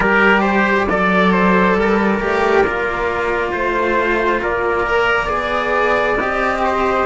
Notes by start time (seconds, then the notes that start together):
0.00 G3 G4 A#4 D5
0.41 C5
0.89 F#3 A4 D5
1.32 C5
1.75 G3 A#4
2.19 A3 G4
2.64 A#3 F4
3.51 A3 C5
4.42 A#3 A#4 D5
4.87 A#4
5.25 B3 G#4 D5
6.15 C4 G4 D#5
6.63 C5